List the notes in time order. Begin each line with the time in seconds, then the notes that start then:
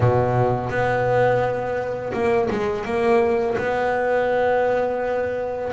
0.00 B2
0.69 B3
2.13 A#3
2.50 G#3
2.84 A#3
3.57 B3